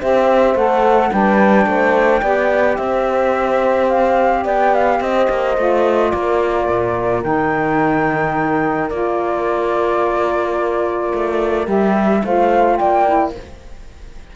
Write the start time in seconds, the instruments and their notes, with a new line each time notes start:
0.00 cello C4, saxophone G4, horn C5, flute E5
0.55 cello A3, saxophone A4, flute F#5
1.11 cello G3, saxophone D4, horn B4, flute G5
1.66 cello A3, horn C5
2.22 cello B3, saxophone G4, horn D5
2.77 cello C4, horn C5, flute E5
3.89 flute F5
4.44 cello B3, horn D5, flute G5
4.75 flute F5
5.00 cello C4, horn C5, flute D#5
5.30 cello A#3
5.57 cello A3, saxophone F4
6.11 cello A#3, horn A#4, flute D5
6.70 cello A#2
7.23 cello D#3, saxophone D#4, flute G5
8.90 cello A#3, saxophone F4, flute D5
11.15 cello A3
11.65 cello G3, saxophone G4, flute E5
12.24 cello A3, saxophone F4, horn C5, flute F5
12.77 cello A#3, horn D5, flute G5
13.06 saxophone E4